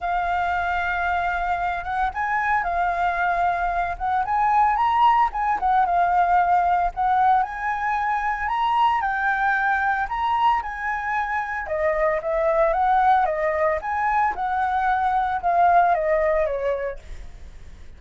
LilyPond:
\new Staff \with { instrumentName = "flute" } { \time 4/4 \tempo 4 = 113 f''2.~ f''8 fis''8 | gis''4 f''2~ f''8 fis''8 | gis''4 ais''4 gis''8 fis''8 f''4~ | f''4 fis''4 gis''2 |
ais''4 g''2 ais''4 | gis''2 dis''4 e''4 | fis''4 dis''4 gis''4 fis''4~ | fis''4 f''4 dis''4 cis''4 | }